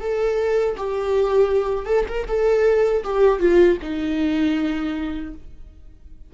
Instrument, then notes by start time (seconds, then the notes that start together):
viola
0.00 A4
0.77 G4
1.86 A4
2.08 A#4
2.28 A4
3.03 G4
3.39 F4
3.82 D#4